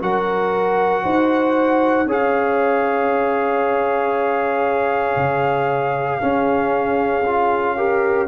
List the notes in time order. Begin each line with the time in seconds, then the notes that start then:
0.00 F#3 F#4 A#4 F#5
1.04 D#4 C5
2.06 C#4 G#4 C#5 F5
5.17 C#3
6.21 C#4 G#4
7.26 F4
7.77 G4 A#4